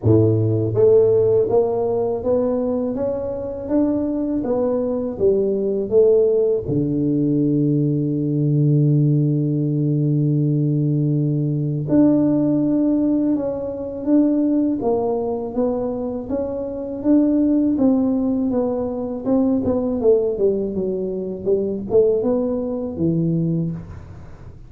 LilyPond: \new Staff \with { instrumentName = "tuba" } { \time 4/4 \tempo 4 = 81 a,4 a4 ais4 b4 | cis'4 d'4 b4 g4 | a4 d2.~ | d1 |
d'2 cis'4 d'4 | ais4 b4 cis'4 d'4 | c'4 b4 c'8 b8 a8 g8 | fis4 g8 a8 b4 e4 | }